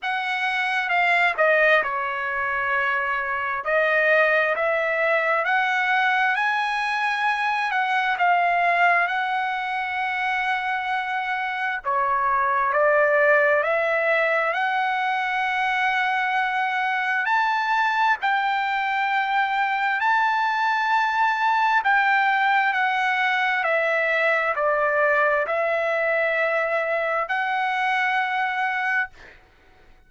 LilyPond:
\new Staff \with { instrumentName = "trumpet" } { \time 4/4 \tempo 4 = 66 fis''4 f''8 dis''8 cis''2 | dis''4 e''4 fis''4 gis''4~ | gis''8 fis''8 f''4 fis''2~ | fis''4 cis''4 d''4 e''4 |
fis''2. a''4 | g''2 a''2 | g''4 fis''4 e''4 d''4 | e''2 fis''2 | }